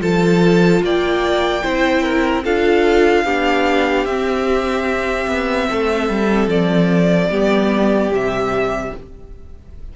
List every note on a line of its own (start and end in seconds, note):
0.00 0.82 F3
0.00 1.62 F4
0.00 0.83 A4
0.00 0.82 A5
0.82 1.63 A#3
0.82 1.63 D5
0.82 2.45 G5
1.63 2.45 C4
1.63 2.44 E4
1.63 2.03 C5
2.03 2.43 A#4
2.44 3.25 D4
2.44 3.26 F4
2.44 3.24 A4
2.44 4.06 F5
3.24 4.05 B3
3.24 4.07 D4
3.24 5.68 G4
4.05 5.27 C4
4.05 7.31 C4
4.05 6.49 E5
5.28 5.68 B3
5.68 6.09 A3
5.68 7.30 A4
6.09 6.47 G3
6.47 7.28 F3
6.47 8.12 D5
7.30 8.10 G3
7.30 8.12 B3
7.30 8.92 G4
8.10 8.91 C3
8.10 8.96 G3
8.10 8.96 E5